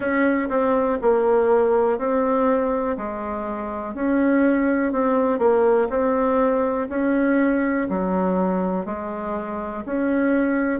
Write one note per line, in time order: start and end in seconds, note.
0.00 0.49 C#4
0.49 0.98 C4
1.01 1.98 A#3
1.98 2.96 C4
2.97 3.94 G#3
3.94 4.92 C#4
4.92 5.38 C4
5.38 5.87 A#3
5.89 6.88 C4
6.89 7.87 C#4
7.89 8.85 F#3
8.85 9.84 G#3
9.85 10.79 C#4